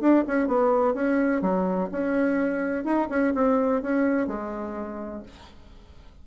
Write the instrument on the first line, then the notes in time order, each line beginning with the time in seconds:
bassoon
0.00 D4
0.27 C#4
0.47 B3
0.94 C#4
1.41 F#3
1.91 C#4
2.84 D#4
3.09 C#4
3.34 C4
3.82 C#4
4.27 G#3